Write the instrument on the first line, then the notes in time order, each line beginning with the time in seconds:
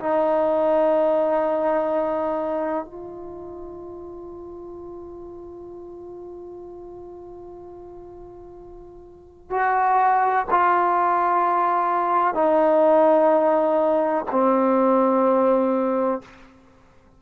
trombone
0.00 D#4
2.85 F4
9.51 F#4
10.51 F4
12.35 D#4
14.32 C4